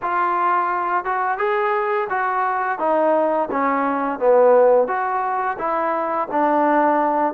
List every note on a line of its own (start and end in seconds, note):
0.02 1.04 F4
1.04 1.38 F#4
1.38 2.07 G#4
2.09 2.78 F#4
2.78 3.48 D#4
3.51 4.19 C#4
4.19 4.87 B3
4.87 5.57 F#4
5.58 6.28 E4
6.31 7.33 D4